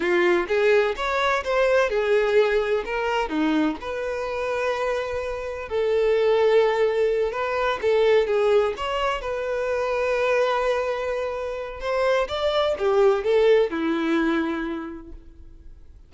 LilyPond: \new Staff \with { instrumentName = "violin" } { \time 4/4 \tempo 4 = 127 f'4 gis'4 cis''4 c''4 | gis'2 ais'4 dis'4 | b'1 | a'2.~ a'8 b'8~ |
b'8 a'4 gis'4 cis''4 b'8~ | b'1~ | b'4 c''4 d''4 g'4 | a'4 e'2. | }